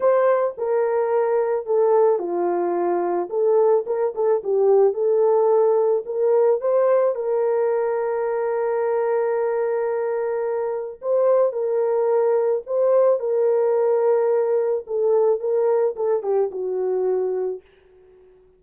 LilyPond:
\new Staff \with { instrumentName = "horn" } { \time 4/4 \tempo 4 = 109 c''4 ais'2 a'4 | f'2 a'4 ais'8 a'8 | g'4 a'2 ais'4 | c''4 ais'2.~ |
ais'1 | c''4 ais'2 c''4 | ais'2. a'4 | ais'4 a'8 g'8 fis'2 | }